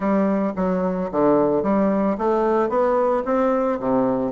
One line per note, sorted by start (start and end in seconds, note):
0.00 0.53 G3
0.56 1.10 F#3
1.11 1.62 D3
1.62 2.16 G3
2.18 2.69 A3
2.69 3.23 B3
3.25 3.79 C4
3.79 4.31 C3